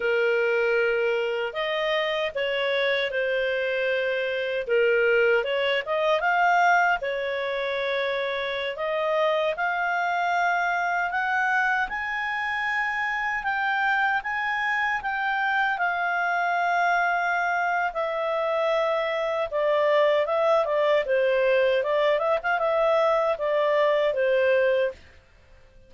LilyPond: \new Staff \with { instrumentName = "clarinet" } { \time 4/4 \tempo 4 = 77 ais'2 dis''4 cis''4 | c''2 ais'4 cis''8 dis''8 | f''4 cis''2~ cis''16 dis''8.~ | dis''16 f''2 fis''4 gis''8.~ |
gis''4~ gis''16 g''4 gis''4 g''8.~ | g''16 f''2~ f''8. e''4~ | e''4 d''4 e''8 d''8 c''4 | d''8 e''16 f''16 e''4 d''4 c''4 | }